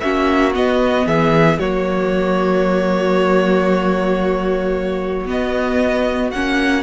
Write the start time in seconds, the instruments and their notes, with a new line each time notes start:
0.00 cello A#3, viola C#4, violin F#4 E5
0.54 viola B3, cello B3, violin D#5
1.06 cello E3, violin G#4 E5
1.59 cello F#3, viola A#3, violin F#4 C#5
5.26 viola B3, cello B3, violin D#5
6.31 cello A#3, viola C#4, violin F#5